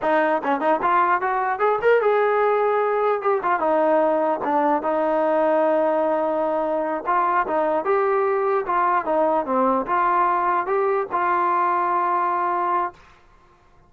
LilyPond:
\new Staff \with { instrumentName = "trombone" } { \time 4/4 \tempo 4 = 149 dis'4 cis'8 dis'8 f'4 fis'4 | gis'8 ais'8 gis'2. | g'8 f'8 dis'2 d'4 | dis'1~ |
dis'4. f'4 dis'4 g'8~ | g'4. f'4 dis'4 c'8~ | c'8 f'2 g'4 f'8~ | f'1 | }